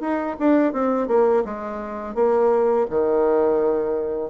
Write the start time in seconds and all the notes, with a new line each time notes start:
0.00 D#4
0.39 D4
0.72 C4
1.07 A#3
1.45 G#3
2.15 A#3
2.90 D#3